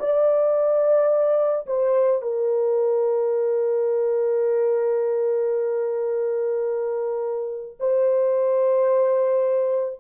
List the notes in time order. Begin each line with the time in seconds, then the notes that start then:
0.00 D5
1.67 C5
2.22 A#4
7.80 C5